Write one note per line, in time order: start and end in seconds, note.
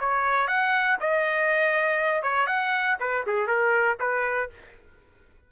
0.00 0.47 C#5
0.47 0.97 F#5
1.00 2.23 D#5
2.23 2.47 C#5
2.47 2.97 F#5
3.00 3.25 B4
3.27 3.47 G#4
3.47 3.97 A#4
4.00 4.50 B4